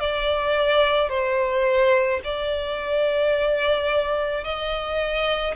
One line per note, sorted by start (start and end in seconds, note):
0.00 1.10 D5
1.10 2.21 C5
2.24 4.44 D5
4.44 5.55 D#5